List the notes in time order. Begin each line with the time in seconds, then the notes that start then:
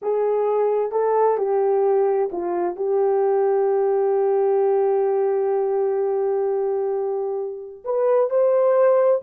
0.02 G#4
0.91 A4
1.37 G4
2.31 F4
2.76 G4
7.84 B4
8.30 C5